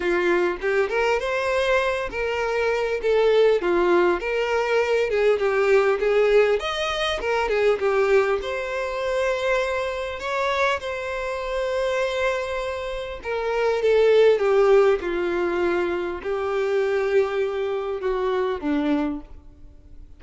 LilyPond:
\new Staff \with { instrumentName = "violin" } { \time 4/4 \tempo 4 = 100 f'4 g'8 ais'8 c''4. ais'8~ | ais'4 a'4 f'4 ais'4~ | ais'8 gis'8 g'4 gis'4 dis''4 | ais'8 gis'8 g'4 c''2~ |
c''4 cis''4 c''2~ | c''2 ais'4 a'4 | g'4 f'2 g'4~ | g'2 fis'4 d'4 | }